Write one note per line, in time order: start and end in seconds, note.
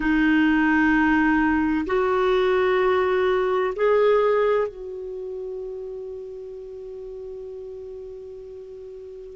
0.00 1.85 D#4
1.86 3.74 F#4
3.75 4.68 G#4
4.68 9.35 F#4